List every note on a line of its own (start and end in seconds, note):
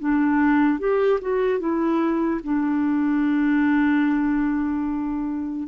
0.00 0.79 D4
0.79 1.20 G4
1.22 1.60 F#4
1.60 2.41 E4
2.44 5.68 D4